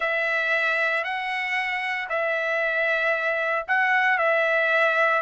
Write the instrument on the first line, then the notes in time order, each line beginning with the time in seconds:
trumpet
0.00 E5
1.04 F#5
2.09 E5
3.67 F#5
4.17 E5